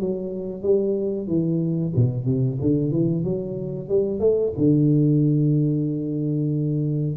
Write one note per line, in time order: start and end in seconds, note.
0.00 0.63 F#3
0.63 1.27 G3
1.27 1.92 E3
1.96 2.26 B2
2.26 2.58 C3
2.61 2.91 D3
2.91 3.24 E3
3.24 3.89 F#3
3.89 4.20 G3
4.20 4.53 A3
4.58 7.17 D3